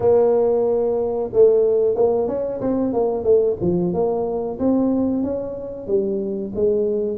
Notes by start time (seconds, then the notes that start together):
0.00 A#3
1.32 A3
1.95 A#3
2.27 C#4
2.60 C4
2.93 A#3
3.23 A3
3.61 F3
3.93 A#3
4.59 C4
5.23 C#4
5.87 G3
6.55 G#3